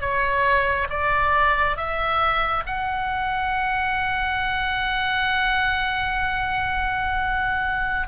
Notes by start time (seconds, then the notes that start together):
0.00 C#5
0.89 D5
1.76 E5
2.66 F#5